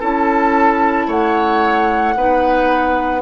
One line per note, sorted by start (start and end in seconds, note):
0.00 1.08 C#4
0.00 2.15 E4
0.00 1.07 A4
0.00 1.10 A5
1.07 2.15 A3
1.07 2.15 C#5
1.07 3.22 F#5
2.16 3.22 B3
2.16 3.22 D#4
2.16 3.22 B4